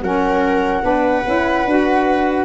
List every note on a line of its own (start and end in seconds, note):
0.00 0.81 F#3
0.00 0.82 C#4
0.00 0.84 A#4
0.00 2.44 F#5
0.82 1.23 B3
0.82 1.22 D4
0.82 2.44 B4
1.25 1.66 C#4
1.25 1.65 E4
1.66 2.44 D4
1.66 2.44 F#4